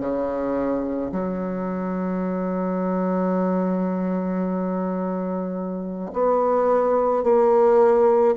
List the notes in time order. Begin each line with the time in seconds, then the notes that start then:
0.00 C#3
1.12 F#3
6.13 B3
7.23 A#3